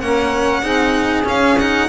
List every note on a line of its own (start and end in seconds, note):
0.00 0.63 A#3
0.00 0.63 C#4
0.00 0.62 A#4
0.00 1.25 F#5
0.62 1.26 C4
0.62 1.24 D#4
0.62 1.87 G#4
1.24 1.56 C#4
1.24 1.89 C#4
1.24 1.59 F5
1.59 1.89 D#4
1.59 1.89 F#5